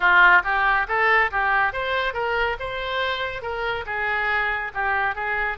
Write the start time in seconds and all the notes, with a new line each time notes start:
0.00 F4
0.43 G4
0.87 A4
1.31 G4
1.72 C5
2.13 A#4
2.59 C5
3.41 A#4
3.86 G#4
4.74 G4
5.15 G#4